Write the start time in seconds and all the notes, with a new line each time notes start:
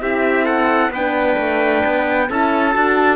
0.00 C4 E4 G4 E5
0.45 A4 F#5
0.89 B3 D4 B4 G5
1.37 A3
1.85 B3
2.29 C#4 E4 A4 A5
2.72 D4 F#4